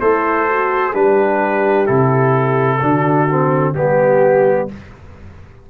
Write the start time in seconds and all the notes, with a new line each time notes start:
0.00 A3 E4 A4 C5
0.48 F#4
0.92 G3 D4 G4 B4
1.85 C3 E4 A4
2.80 D3 D4 F#4
3.29 C4
3.75 G3 B3 G4